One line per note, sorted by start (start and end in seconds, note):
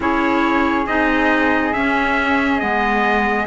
0.00 0.86 C#4
0.00 0.86 E4
0.00 3.47 G#4
0.00 0.86 C#5
0.86 1.73 C4
0.86 1.74 D#4
0.86 1.73 D#5
1.73 2.59 C#4
1.73 2.62 C#4
1.73 2.59 E5
2.59 3.47 G#3
2.59 3.46 B3
2.59 3.46 D#5